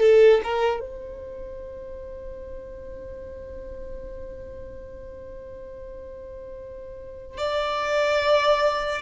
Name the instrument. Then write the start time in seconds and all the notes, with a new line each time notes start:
violin
0.00 A4
0.43 A#4
0.80 C5
7.38 D5